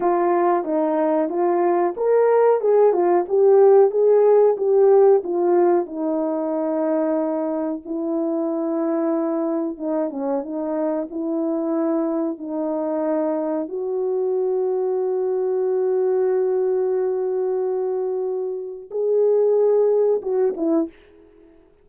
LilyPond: \new Staff \with { instrumentName = "horn" } { \time 4/4 \tempo 4 = 92 f'4 dis'4 f'4 ais'4 | gis'8 f'8 g'4 gis'4 g'4 | f'4 dis'2. | e'2. dis'8 cis'8 |
dis'4 e'2 dis'4~ | dis'4 fis'2.~ | fis'1~ | fis'4 gis'2 fis'8 e'8 | }